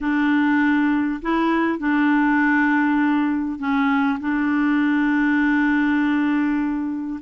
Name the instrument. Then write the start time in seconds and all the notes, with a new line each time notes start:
clarinet
0.00 D4
1.22 E4
1.78 D4
3.58 C#4
4.19 D4